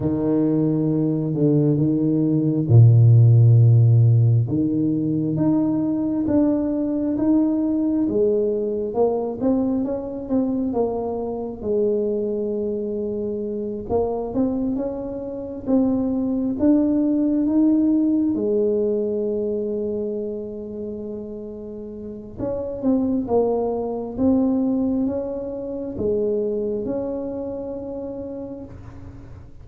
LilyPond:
\new Staff \with { instrumentName = "tuba" } { \time 4/4 \tempo 4 = 67 dis4. d8 dis4 ais,4~ | ais,4 dis4 dis'4 d'4 | dis'4 gis4 ais8 c'8 cis'8 c'8 | ais4 gis2~ gis8 ais8 |
c'8 cis'4 c'4 d'4 dis'8~ | dis'8 gis2.~ gis8~ | gis4 cis'8 c'8 ais4 c'4 | cis'4 gis4 cis'2 | }